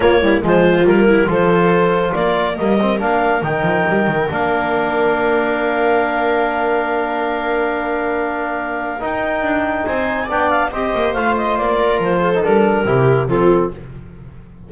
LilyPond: <<
  \new Staff \with { instrumentName = "clarinet" } { \time 4/4 \tempo 4 = 140 cis''4 c''4 ais'4 c''4~ | c''4 d''4 dis''4 f''4 | g''2 f''2~ | f''1~ |
f''1~ | f''4 g''2 gis''4 | g''8 f''8 dis''4 f''8 dis''8 d''4 | c''4 ais'2 a'4 | }
  \new Staff \with { instrumentName = "viola" } { \time 4/4 f'8 e'8 f'4. e'8 a'4~ | a'4 ais'2.~ | ais'1~ | ais'1~ |
ais'1~ | ais'2. c''4 | d''4 c''2~ c''8 ais'8~ | ais'8 a'4. g'4 f'4 | }
  \new Staff \with { instrumentName = "trombone" } { \time 4/4 ais8 g8 gis4 ais4 f'4~ | f'2 ais8 c'8 d'4 | dis'2 d'2~ | d'1~ |
d'1~ | d'4 dis'2. | d'4 g'4 f'2~ | f'8. dis'16 d'4 e'4 c'4 | }
  \new Staff \with { instrumentName = "double bass" } { \time 4/4 ais4 f4 g4 f4~ | f4 ais4 g4 ais4 | dis8 f8 g8 dis8 ais2~ | ais1~ |
ais1~ | ais4 dis'4 d'4 c'4 | b4 c'8 ais8 a4 ais4 | f4 g4 c4 f4 | }
>>